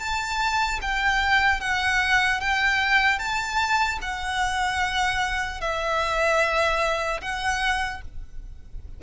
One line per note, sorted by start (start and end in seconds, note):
0.00 0.80 A5
0.82 1.61 G5
1.61 2.41 F#5
2.41 3.19 G5
3.19 3.99 A5
4.02 5.61 F#5
5.61 7.21 E5
7.21 8.01 F#5